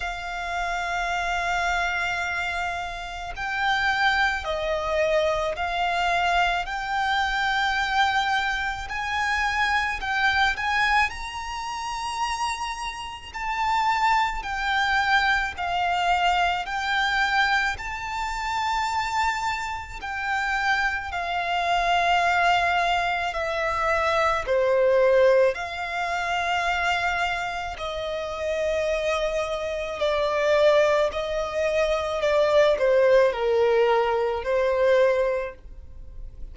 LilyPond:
\new Staff \with { instrumentName = "violin" } { \time 4/4 \tempo 4 = 54 f''2. g''4 | dis''4 f''4 g''2 | gis''4 g''8 gis''8 ais''2 | a''4 g''4 f''4 g''4 |
a''2 g''4 f''4~ | f''4 e''4 c''4 f''4~ | f''4 dis''2 d''4 | dis''4 d''8 c''8 ais'4 c''4 | }